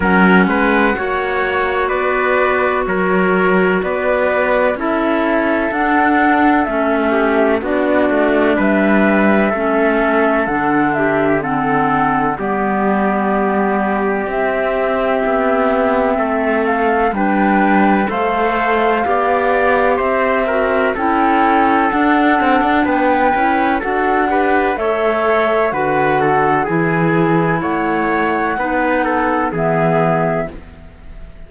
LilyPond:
<<
  \new Staff \with { instrumentName = "flute" } { \time 4/4 \tempo 4 = 63 fis''2 d''4 cis''4 | d''4 e''4 fis''4 e''4 | d''4 e''2 fis''8 e''8 | fis''4 d''2 e''4~ |
e''4. f''8 g''4 f''4~ | f''4 e''4 g''4 fis''4 | g''4 fis''4 e''4 fis''4 | gis''4 fis''2 e''4 | }
  \new Staff \with { instrumentName = "trumpet" } { \time 4/4 ais'8 b'8 cis''4 b'4 ais'4 | b'4 a'2~ a'8 g'8 | fis'4 b'4 a'4. g'8 | a'4 g'2.~ |
g'4 a'4 b'4 c''4 | d''4 c''8 ais'8 a'2 | b'4 a'8 b'8 cis''4 b'8 a'8 | gis'4 cis''4 b'8 a'8 gis'4 | }
  \new Staff \with { instrumentName = "clarinet" } { \time 4/4 cis'4 fis'2.~ | fis'4 e'4 d'4 cis'4 | d'2 cis'4 d'4 | c'4 b2 c'4~ |
c'2 d'4 a'4 | g'4. fis'8 e'4 d'4~ | d'8 e'8 fis'8 g'8 a'4 fis'4 | e'2 dis'4 b4 | }
  \new Staff \with { instrumentName = "cello" } { \time 4/4 fis8 gis8 ais4 b4 fis4 | b4 cis'4 d'4 a4 | b8 a8 g4 a4 d4~ | d4 g2 c'4 |
b4 a4 g4 a4 | b4 c'4 cis'4 d'8 c'16 d'16 | b8 cis'8 d'4 a4 d4 | e4 a4 b4 e4 | }
>>